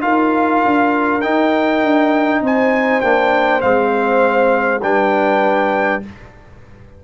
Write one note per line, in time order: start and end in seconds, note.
0.00 0.62 D#4
0.00 1.20 F4
0.00 2.43 A#4
0.00 1.21 F5
0.64 1.24 D4
1.21 3.03 D#4
1.21 1.81 D#4
1.21 2.41 G5
1.81 2.41 D4
2.41 3.01 C4
2.41 4.83 C5
2.41 3.00 G#5
3.00 3.62 A#3
3.00 3.60 D4
3.00 3.60 G5
3.60 4.82 G#3
3.60 4.80 C4
3.60 4.81 F5
4.82 6.02 G3
4.82 6.02 D4
4.82 6.04 B4
4.82 6.02 G5